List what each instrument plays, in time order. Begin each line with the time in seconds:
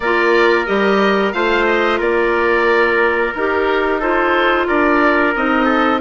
0.00 bassoon A#3, clarinet F4, trumpet A#4, oboe D5
0.65 bassoon G3, clarinet G4, oboe D#5
1.32 bassoon A3, clarinet F4, trumpet C5, oboe F5
1.66 oboe D#5
1.98 bassoon A#3, trumpet A#4, oboe D5
3.34 bassoon D#4, clarinet G4, oboe A#4
3.99 clarinet F4, trumpet A4, oboe C5
4.67 bassoon D4, trumpet A#4, oboe D5
5.35 bassoon C4, clarinet D#4, oboe D#5
5.65 trumpet A4